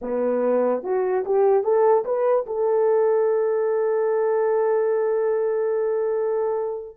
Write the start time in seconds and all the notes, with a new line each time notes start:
0.01 B3
0.83 F#4
1.25 G4
1.63 A4
2.04 B4
2.46 A4